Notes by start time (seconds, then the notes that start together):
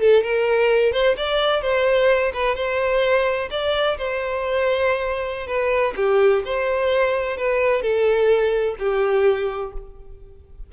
0.00 A4
0.23 A#4
0.92 C5
1.17 D5
1.62 C5
2.33 B4
2.55 C5
3.50 D5
3.97 C5
5.47 B4
5.96 G4
6.44 C5
7.37 B4
7.82 A4
8.78 G4